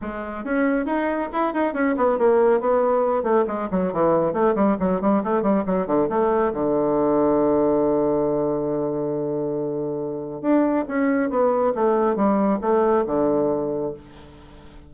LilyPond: \new Staff \with { instrumentName = "bassoon" } { \time 4/4 \tempo 4 = 138 gis4 cis'4 dis'4 e'8 dis'8 | cis'8 b8 ais4 b4. a8 | gis8 fis8 e4 a8 g8 fis8 g8 | a8 g8 fis8 d8 a4 d4~ |
d1~ | d1 | d'4 cis'4 b4 a4 | g4 a4 d2 | }